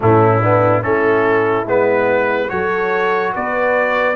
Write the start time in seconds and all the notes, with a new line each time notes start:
0.00 A2 A3 C#4 E4
0.41 B3 D4
0.81 A3 C#4 E4 A4
1.65 G#3 B3 B4
2.48 F#3 F#4 A4 C#5
3.34 B3 B4 D5